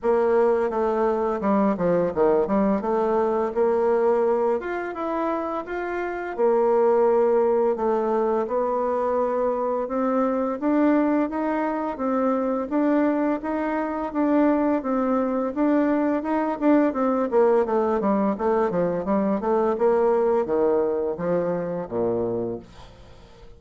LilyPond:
\new Staff \with { instrumentName = "bassoon" } { \time 4/4 \tempo 4 = 85 ais4 a4 g8 f8 dis8 g8 | a4 ais4. f'8 e'4 | f'4 ais2 a4 | b2 c'4 d'4 |
dis'4 c'4 d'4 dis'4 | d'4 c'4 d'4 dis'8 d'8 | c'8 ais8 a8 g8 a8 f8 g8 a8 | ais4 dis4 f4 ais,4 | }